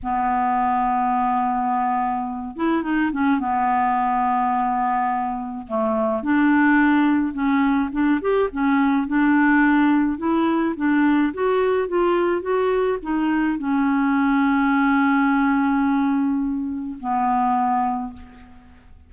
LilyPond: \new Staff \with { instrumentName = "clarinet" } { \time 4/4 \tempo 4 = 106 b1~ | b8 e'8 dis'8 cis'8 b2~ | b2 a4 d'4~ | d'4 cis'4 d'8 g'8 cis'4 |
d'2 e'4 d'4 | fis'4 f'4 fis'4 dis'4 | cis'1~ | cis'2 b2 | }